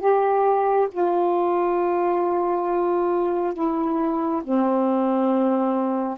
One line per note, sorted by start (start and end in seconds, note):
0.00 0.88 G4
0.92 3.54 F4
3.54 4.42 E4
4.44 6.18 C4